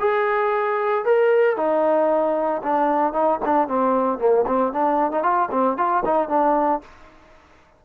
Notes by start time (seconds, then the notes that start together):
0.00 G#4
1.05 A#4
1.57 D#4
2.63 D4
3.13 D#4
3.45 D4
3.68 C4
4.19 A#3
4.47 C4
4.73 D4
5.12 D#4
5.23 F4
5.51 C4
5.78 F4
6.06 D#4
6.29 D4